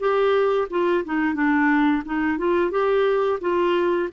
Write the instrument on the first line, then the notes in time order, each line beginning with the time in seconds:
clarinet
0.00 G4
0.71 F4
1.05 D#4
1.35 D4
2.06 D#4
2.38 F4
2.71 G4
3.41 F4